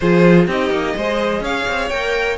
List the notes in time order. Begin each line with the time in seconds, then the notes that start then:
0.00 F3 F4 G#4 C5
0.47 C4 D#4 G4 D#5
0.70 A#3
0.96 G#3 G#4 C5
1.40 C#4 C#5 F5
1.67 C4
1.89 A#3 A#4 G5